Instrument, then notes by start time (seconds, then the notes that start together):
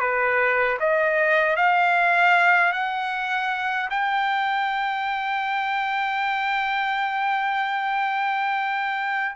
trumpet
0.00 B4
0.80 D#5
1.56 F5
2.73 F#5
3.90 G5